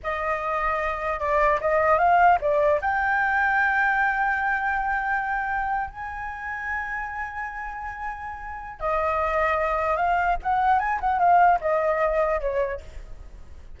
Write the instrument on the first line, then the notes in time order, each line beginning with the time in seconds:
flute
0.03 D#5
1.19 D5
1.60 D#5
1.98 F5
2.40 D5
2.81 G5
5.90 G#5
8.80 D#5
9.96 F5
10.43 F#5
10.79 G#5
11.00 F#5
11.19 F5
11.60 D#5
12.40 C#5